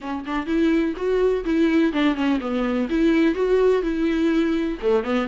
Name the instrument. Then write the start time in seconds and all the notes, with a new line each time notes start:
viola
0.00 C#4
0.25 D4
0.46 E4
0.96 F#4
1.44 E4
1.92 D4
2.15 C#4
2.40 B3
2.89 E4
3.34 F#4
3.82 E4
4.81 A3
5.03 B3